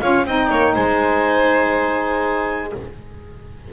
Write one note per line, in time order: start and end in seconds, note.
0.00 0.25 C#4
0.00 0.25 F4
0.00 0.26 C#5
0.00 0.25 F5
0.25 0.49 C4
0.25 2.72 D#4
0.25 0.49 D#5
0.25 0.74 G5
0.49 0.75 A#3
0.49 0.74 C#5
0.74 2.72 G#3
0.74 2.70 C5
0.74 2.71 G#5